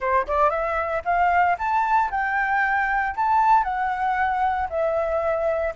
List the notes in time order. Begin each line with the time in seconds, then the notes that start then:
0.00 C5
0.27 D5
0.50 E5
1.04 F5
1.58 A5
2.10 G5
3.16 A5
3.63 F#5
4.69 E5